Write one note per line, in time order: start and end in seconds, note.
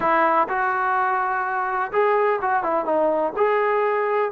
0.00 0.47 E4
0.48 1.91 F#4
1.92 2.39 G#4
2.41 2.63 F#4
2.63 2.85 E4
2.85 3.32 D#4
3.36 4.31 G#4